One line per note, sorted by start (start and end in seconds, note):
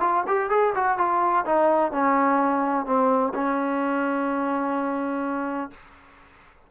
0.00 0.24 F4
0.27 0.50 G4
0.50 0.73 G#4
0.75 0.98 F#4
0.98 1.45 F4
1.45 1.92 D#4
1.92 2.86 C#4
2.86 3.33 C4
3.34 5.71 C#4